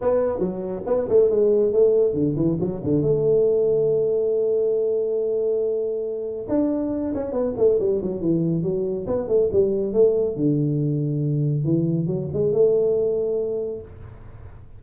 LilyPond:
\new Staff \with { instrumentName = "tuba" } { \time 4/4 \tempo 4 = 139 b4 fis4 b8 a8 gis4 | a4 d8 e8 fis8 d8 a4~ | a1~ | a2. d'4~ |
d'8 cis'8 b8 a8 g8 fis8 e4 | fis4 b8 a8 g4 a4 | d2. e4 | fis8 gis8 a2. | }